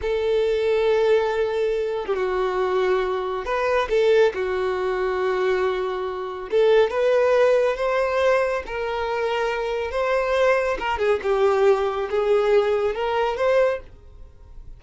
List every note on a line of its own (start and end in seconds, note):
0.01 2.06 A4
2.06 2.16 G4
2.16 3.45 F#4
3.45 3.88 B4
3.89 4.33 A4
4.33 6.49 F#4
6.50 6.90 A4
6.90 7.76 B4
7.76 8.62 C5
8.66 9.91 A#4
9.91 10.77 C5
10.79 10.98 A#4
10.98 11.20 G#4
11.22 12.09 G4
12.10 12.95 G#4
12.95 13.37 A#4
13.37 13.80 C5